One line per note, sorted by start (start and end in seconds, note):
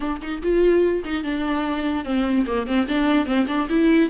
0.00 0.20 D4
0.21 0.42 D#4
0.42 1.03 F4
1.04 1.23 D#4
1.23 2.04 D4
2.04 2.45 C4
2.46 2.66 A#3
2.66 2.87 C4
2.88 3.26 D4
3.26 3.46 C4
3.47 3.68 D4
3.69 4.09 E4